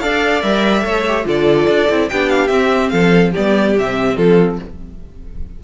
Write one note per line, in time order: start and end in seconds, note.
0.00 0.43 D4
0.00 0.42 A4
0.00 0.84 D5
0.00 0.42 F5
0.42 0.84 G3
0.42 0.81 A#4
0.42 1.25 E5
0.81 1.26 A3
0.81 1.02 A4
0.81 1.26 C#5
1.08 1.24 G4
1.24 1.67 D3
1.24 1.86 F4
1.24 2.10 A4
1.24 2.09 D5
1.68 1.89 D4
1.89 2.10 C4
1.89 2.11 E4
2.09 2.49 B3
2.09 2.48 D4
2.09 2.92 G4
2.09 2.29 G5
2.29 2.48 F5
2.48 3.32 C4
2.48 2.91 C4
2.48 2.89 E5
2.89 3.34 F3
2.89 3.32 A4
2.89 3.31 F5
3.32 3.79 G3
3.32 3.77 B3
3.32 4.15 G4
3.32 3.77 D5
3.79 4.17 C3
3.79 4.63 C4
3.79 4.16 E5
4.16 4.58 F3
4.16 4.58 F4
4.16 4.58 A4